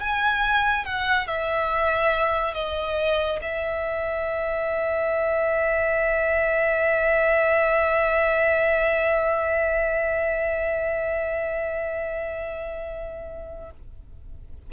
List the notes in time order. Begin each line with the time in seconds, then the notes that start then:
0.00 G#5
0.85 F#5
1.27 E5
2.54 D#5
3.42 E5